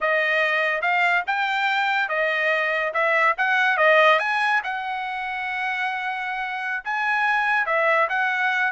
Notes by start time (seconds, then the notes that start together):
0.01 D#5
0.81 F5
1.26 G5
2.08 D#5
2.93 E5
3.37 F#5
3.77 D#5
4.19 G#5
4.63 F#5
6.84 G#5
7.66 E5
8.09 F#5